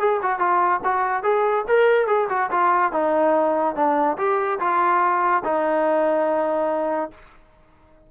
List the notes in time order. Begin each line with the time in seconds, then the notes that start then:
0.00 G#4
0.23 F#4
0.39 F4
0.84 F#4
1.23 G#4
1.68 A#4
2.07 G#4
2.30 F#4
2.51 F4
2.92 D#4
3.76 D4
4.18 G4
4.60 F4
5.44 D#4